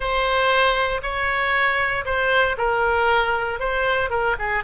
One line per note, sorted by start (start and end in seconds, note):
0.00 1.01 C5
1.02 2.05 C#5
2.05 2.56 C5
2.57 3.59 A#4
3.59 4.10 C5
4.10 4.35 A#4
4.38 4.63 G#4